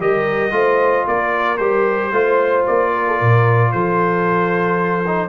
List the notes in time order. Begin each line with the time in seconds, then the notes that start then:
0.00 G3 G4 A#4 D#5
0.52 A3 F4 C5
1.08 A#3 A#4 D5
1.58 G3 G4 C5
2.12 A3 F4 C5
2.67 A#3 D5
2.93 A#4
3.07 A4
3.19 A#2 A#4
3.72 F3 A4 C5
5.07 D#4